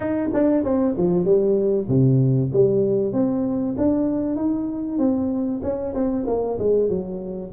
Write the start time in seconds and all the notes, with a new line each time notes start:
0.00 D#4
0.33 D4
0.64 C4
0.97 F3
1.24 G3
1.88 C3
2.53 G3
3.12 C4
3.77 D4
4.36 D#4
4.98 C4
5.62 C#4
5.94 C4
6.26 A#3
6.58 G#3
6.89 F#3